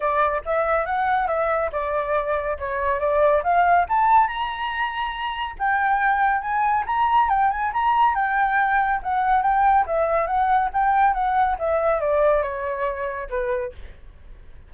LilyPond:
\new Staff \with { instrumentName = "flute" } { \time 4/4 \tempo 4 = 140 d''4 e''4 fis''4 e''4 | d''2 cis''4 d''4 | f''4 a''4 ais''2~ | ais''4 g''2 gis''4 |
ais''4 g''8 gis''8 ais''4 g''4~ | g''4 fis''4 g''4 e''4 | fis''4 g''4 fis''4 e''4 | d''4 cis''2 b'4 | }